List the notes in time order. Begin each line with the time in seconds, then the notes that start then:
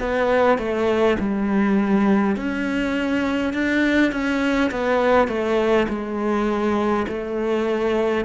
0.00 B3
0.58 A3
1.19 G3
2.36 C#4
3.53 D4
4.12 C#4
4.71 B3
5.28 A3
5.88 G#3
7.08 A3